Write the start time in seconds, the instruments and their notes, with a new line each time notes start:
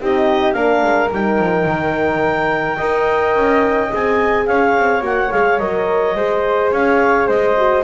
0.00 double bass C4, horn D#4, flute G4, clarinet D#5
0.52 double bass A#3, horn D4, flute A#4, clarinet F5
0.82 double bass G#3
1.11 double bass G3, horn D#4, clarinet G5
1.38 double bass F3
1.65 double bass D#3
2.76 double bass D#4, horn A#4, flute D#5
3.35 double bass C#4
3.89 double bass C4, horn G#4, clarinet G#5
4.46 double bass C#4, flute C#5, clarinet F5
4.76 double bass C4
5.01 double bass A#3, horn F#4, clarinet F#5
5.31 double bass G#3, horn G#4, clarinet F5
5.58 double bass F#3, horn A#4, clarinet D#5
6.14 double bass G#3, horn G#4, flute C5
6.71 double bass C#4, flute C#5, clarinet F5
7.27 double bass G#3, flute C5, clarinet D#5
7.57 horn F#4